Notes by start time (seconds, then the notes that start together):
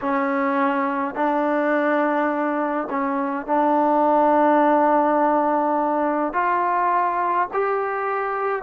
0.01 C#4
1.14 D4
2.90 C#4
3.46 D4
6.33 F4
7.53 G4